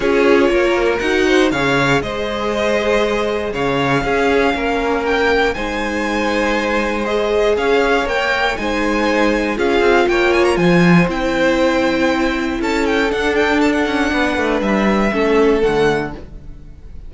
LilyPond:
<<
  \new Staff \with { instrumentName = "violin" } { \time 4/4 \tempo 4 = 119 cis''2 fis''4 f''4 | dis''2. f''4~ | f''2 g''4 gis''4~ | gis''2 dis''4 f''4 |
g''4 gis''2 f''4 | g''8 gis''16 ais''16 gis''4 g''2~ | g''4 a''8 g''8 fis''8 g''8 a''16 fis''8.~ | fis''4 e''2 fis''4 | }
  \new Staff \with { instrumentName = "violin" } { \time 4/4 gis'4 ais'4. c''8 cis''4 | c''2. cis''4 | gis'4 ais'2 c''4~ | c''2. cis''4~ |
cis''4 c''2 gis'4 | cis''4 c''2.~ | c''4 a'2. | b'2 a'2 | }
  \new Staff \with { instrumentName = "viola" } { \time 4/4 f'2 fis'4 gis'4~ | gis'1 | cis'2. dis'4~ | dis'2 gis'2 |
ais'4 dis'2 f'4~ | f'2 e'2~ | e'2 d'2~ | d'2 cis'4 a4 | }
  \new Staff \with { instrumentName = "cello" } { \time 4/4 cis'4 ais4 dis'4 cis4 | gis2. cis4 | cis'4 ais2 gis4~ | gis2. cis'4 |
ais4 gis2 cis'8 c'8 | ais4 f4 c'2~ | c'4 cis'4 d'4. cis'8 | b8 a8 g4 a4 d4 | }
>>